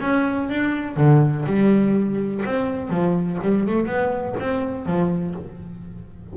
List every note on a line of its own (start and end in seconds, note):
0.00 0.49 C#4
0.49 0.96 D4
0.96 1.45 D3
1.45 2.43 G3
2.45 2.89 C4
2.89 3.38 F3
3.42 3.66 G3
3.66 3.86 A3
3.86 4.35 B3
4.39 4.86 C4
4.86 5.35 F3